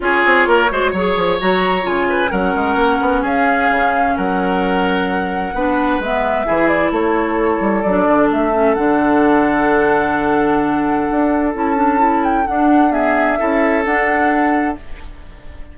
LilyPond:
<<
  \new Staff \with { instrumentName = "flute" } { \time 4/4 \tempo 4 = 130 cis''2. ais''4 | gis''4 fis''2 f''4~ | f''4 fis''2.~ | fis''4 e''4. d''8 cis''4~ |
cis''4 d''4 e''4 fis''4~ | fis''1~ | fis''4 a''4. g''8 fis''4 | e''2 fis''2 | }
  \new Staff \with { instrumentName = "oboe" } { \time 4/4 gis'4 ais'8 c''8 cis''2~ | cis''8 b'8 ais'2 gis'4~ | gis'4 ais'2. | b'2 gis'4 a'4~ |
a'1~ | a'1~ | a'1 | gis'4 a'2. | }
  \new Staff \with { instrumentName = "clarinet" } { \time 4/4 f'4. fis'8 gis'4 fis'4 | f'4 cis'2.~ | cis'1 | d'4 b4 e'2~ |
e'4 d'4. cis'8 d'4~ | d'1~ | d'4 e'8 d'8 e'4 d'4 | b4 e'4 d'2 | }
  \new Staff \with { instrumentName = "bassoon" } { \time 4/4 cis'8 c'8 ais8 gis8 fis8 f8 fis4 | cis4 fis8 gis8 ais8 b8 cis'4 | cis4 fis2. | b4 gis4 e4 a4~ |
a8 g8 fis8 d8 a4 d4~ | d1 | d'4 cis'2 d'4~ | d'4 cis'4 d'2 | }
>>